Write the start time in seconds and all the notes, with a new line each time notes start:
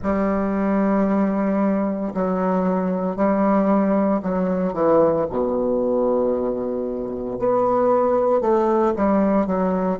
0.02 G3
2.13 F#3
3.16 G3
4.22 F#3
4.73 E3
5.30 B2
7.38 B3
8.41 A3
8.96 G3
9.46 F#3